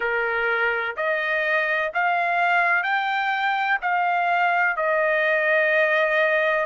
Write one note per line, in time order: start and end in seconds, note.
0.00 0.95 A#4
0.96 1.91 D#5
1.94 2.83 F5
2.83 3.78 G5
3.81 4.76 F5
4.76 6.65 D#5